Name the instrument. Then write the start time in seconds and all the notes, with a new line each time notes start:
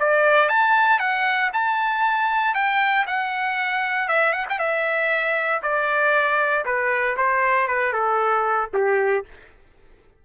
trumpet
0.00 D5
0.49 A5
1.00 F#5
1.54 A5
2.55 G5
3.07 F#5
4.09 E5
4.33 F#5
4.50 G5
4.59 E5
5.63 D5
6.65 B4
7.17 C5
7.68 B4
7.93 A4
8.74 G4